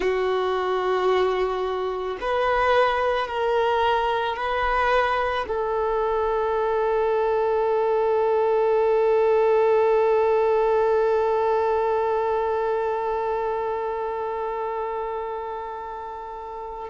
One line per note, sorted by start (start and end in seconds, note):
0.00 2.18 F#4
2.20 3.27 B4
3.27 4.36 A#4
4.36 5.45 B4
5.47 16.89 A4